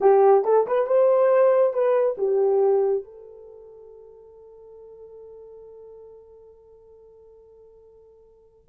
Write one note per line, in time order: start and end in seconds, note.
0.00 0.44 G4
0.44 0.66 A4
0.66 0.87 B4
0.87 1.73 C5
1.73 2.16 B4
2.17 3.04 G4
3.04 8.69 A4